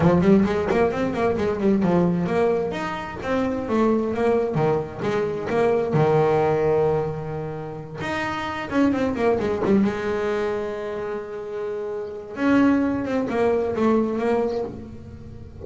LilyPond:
\new Staff \with { instrumentName = "double bass" } { \time 4/4 \tempo 4 = 131 f8 g8 gis8 ais8 c'8 ais8 gis8 g8 | f4 ais4 dis'4 c'4 | a4 ais4 dis4 gis4 | ais4 dis2.~ |
dis4. dis'4. cis'8 c'8 | ais8 gis8 g8 gis2~ gis8~ | gis2. cis'4~ | cis'8 c'8 ais4 a4 ais4 | }